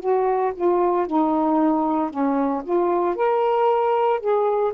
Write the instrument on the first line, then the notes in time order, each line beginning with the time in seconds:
saxophone
0.00 F#4
0.55 F4
1.07 D#4
2.10 C#4
2.64 F4
3.15 A#4
4.20 G#4